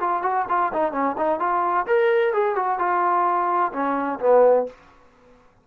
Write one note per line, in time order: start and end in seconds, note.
0.00 0.22 F4
0.22 0.46 F#4
0.49 0.72 F4
0.73 0.92 D#4
0.92 1.15 C#4
1.18 1.40 D#4
1.40 1.86 F4
1.87 2.33 A#4
2.33 2.56 G#4
2.56 2.79 F#4
2.79 3.72 F4
3.73 4.19 C#4
4.20 4.66 B3